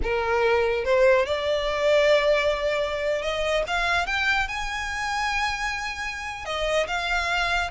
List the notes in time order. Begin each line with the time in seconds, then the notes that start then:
0.02 A#4
0.84 C5
1.25 D5
3.22 D#5
3.67 F5
4.06 G5
4.48 G#5
6.45 D#5
6.87 F5